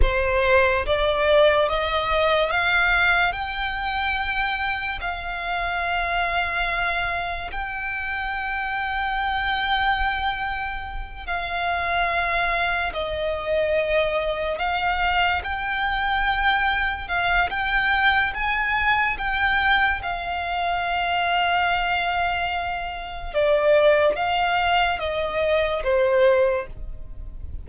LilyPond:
\new Staff \with { instrumentName = "violin" } { \time 4/4 \tempo 4 = 72 c''4 d''4 dis''4 f''4 | g''2 f''2~ | f''4 g''2.~ | g''4. f''2 dis''8~ |
dis''4. f''4 g''4.~ | g''8 f''8 g''4 gis''4 g''4 | f''1 | d''4 f''4 dis''4 c''4 | }